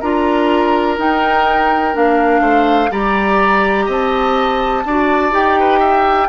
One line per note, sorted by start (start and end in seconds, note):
0.00 0.98 D4
0.00 0.98 F4
0.00 2.41 A#4
0.00 0.97 A#5
0.98 1.93 D#4
0.98 1.95 D#4
0.98 1.96 G5
1.93 2.40 A#3
1.93 2.89 D4
1.93 2.92 F5
2.40 2.89 A3
2.40 2.89 C5
2.90 3.87 G3
2.90 4.84 G4
2.90 3.85 D5
2.90 3.88 A#5
3.85 4.84 C4
3.85 4.82 D#5
3.91 5.34 A5
4.85 5.32 D4
4.85 5.31 F#4
4.85 5.59 D5
5.31 6.28 D#4
5.31 6.28 G4
5.31 6.29 G5
5.59 5.79 B4
5.79 6.27 E5